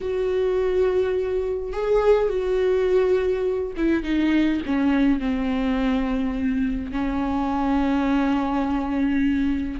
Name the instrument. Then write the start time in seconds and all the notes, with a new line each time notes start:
viola
0.00 F#4
1.73 G#4
2.29 F#4
3.77 E4
4.03 D#4
4.66 C#4
5.19 C4
6.91 C#4